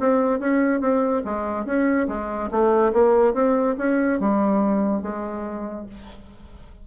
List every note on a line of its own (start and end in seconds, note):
0.00 0.40 C4
0.40 0.81 C#4
0.81 1.23 C4
1.25 1.66 G#3
1.66 2.08 C#4
2.08 2.50 G#3
2.51 2.93 A3
2.94 3.34 A#3
3.34 3.76 C4
3.78 4.20 C#4
4.20 5.03 G3
5.03 5.87 G#3